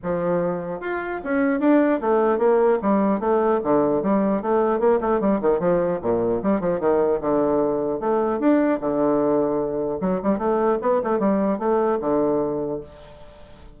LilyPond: \new Staff \with { instrumentName = "bassoon" } { \time 4/4 \tempo 4 = 150 f2 f'4 cis'4 | d'4 a4 ais4 g4 | a4 d4 g4 a4 | ais8 a8 g8 dis8 f4 ais,4 |
g8 f8 dis4 d2 | a4 d'4 d2~ | d4 fis8 g8 a4 b8 a8 | g4 a4 d2 | }